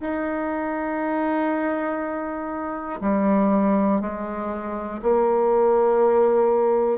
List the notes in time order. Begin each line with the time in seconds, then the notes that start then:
0.00 D#4
3.01 G3
4.01 G#3
5.02 A#3